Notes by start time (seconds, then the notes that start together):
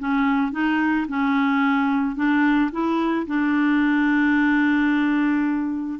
0.00 C#4
0.52 D#4
1.09 C#4
2.16 D4
2.72 E4
3.27 D4